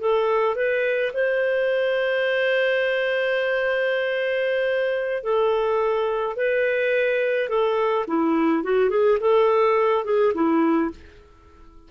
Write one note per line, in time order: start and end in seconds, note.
0.00 0.56 A4
0.56 1.12 B4
1.13 5.23 C5
5.23 6.36 A4
6.36 7.49 B4
7.49 8.06 A4
8.07 8.63 E4
8.63 8.90 F#4
8.90 9.18 G#4
9.20 10.04 A4
10.04 10.33 G#4
10.34 10.90 E4